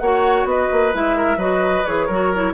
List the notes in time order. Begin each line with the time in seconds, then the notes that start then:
0.00 A#3 F#4 C#5 F#5
0.45 B3 B4 D#5
0.72 A#3
0.93 G#3 E4 E5
1.18 A#4
1.37 F#3 F#4 B4 D#5
1.86 E3 G#4 C#5
2.07 F#3 F#4 A#4
2.35 E4